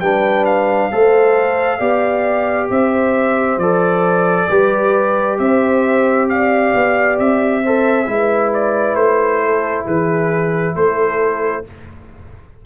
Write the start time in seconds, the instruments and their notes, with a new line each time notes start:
0.00 tuba G3, trombone D4, horn B4, trumpet G5
0.45 trumpet F5
0.92 tuba A3, trombone A4, horn C5
1.79 tuba B3, trombone G4, horn D5
2.70 tuba C4, horn C5, trumpet E5
3.57 tuba F3, trombone A4, trumpet D5
4.49 tuba G3, trombone G4, horn B4
5.39 tuba C4, horn C5, trumpet E5
6.29 horn D5, trumpet F5
6.75 tuba B3
7.19 tuba C4, trumpet E5
7.63 trombone A4, horn C5
8.06 tuba G#3, trombone E4, horn B4
8.54 trumpet D5
8.96 tuba A3, trumpet C5
9.45 horn A4
9.85 tuba E3, horn G#4, trumpet B4
10.76 tuba A3, horn A4, trumpet C5